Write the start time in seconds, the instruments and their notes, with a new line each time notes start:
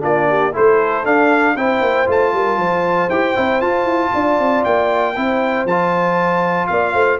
0.00 tuba A#3, trombone D4, horn F4, trumpet D5
0.28 horn G4
0.52 tuba A3, trombone E4, horn A4, trumpet C5
1.04 trombone D4, tuba D4, trumpet F5
1.55 tuba C4, trombone E4, horn C5, trumpet G5
1.81 tuba A#3
2.06 tuba A3, trombone F4, trumpet A5
2.33 tuba G3, horn A#4
2.57 tuba F3, horn C5
3.09 tuba E4, trombone G4, trumpet G5
3.35 tuba C4, trombone E4
3.61 trombone F4, tuba F4, trumpet A5
3.83 tuba E4
4.13 tuba D4, horn D5
4.39 tuba C4
4.64 tuba A#3, trumpet G5
5.16 tuba C4, trombone E4, horn C5
5.65 tuba F3, trombone F4, trumpet A5
6.67 tuba A#3, horn D5, trumpet F5
6.93 tuba A3, horn C5